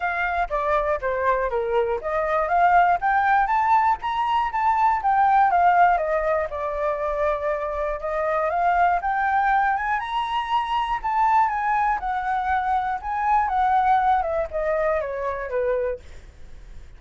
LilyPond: \new Staff \with { instrumentName = "flute" } { \time 4/4 \tempo 4 = 120 f''4 d''4 c''4 ais'4 | dis''4 f''4 g''4 a''4 | ais''4 a''4 g''4 f''4 | dis''4 d''2. |
dis''4 f''4 g''4. gis''8 | ais''2 a''4 gis''4 | fis''2 gis''4 fis''4~ | fis''8 e''8 dis''4 cis''4 b'4 | }